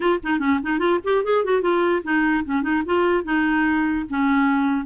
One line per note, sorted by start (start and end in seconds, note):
0.00 0.19 F4
0.23 0.39 D#4
0.39 0.59 C#4
0.62 0.78 D#4
0.78 0.99 F4
1.04 1.24 G4
1.24 1.44 G#4
1.44 1.61 F#4
1.61 2.02 F4
2.03 2.44 D#4
2.45 2.62 C#4
2.62 2.83 D#4
2.85 3.24 F4
3.24 4.05 D#4
4.09 4.85 C#4